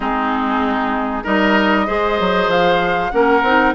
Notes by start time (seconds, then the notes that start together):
0.00 G#3 C4 D#4 G#4
1.23 G3 D#4 A#4 D#5
1.85 G#3 G#4 C5
2.19 F#3
2.47 F3 F5
3.10 A#3 C#4 A#4 F#5
3.42 C4 D#4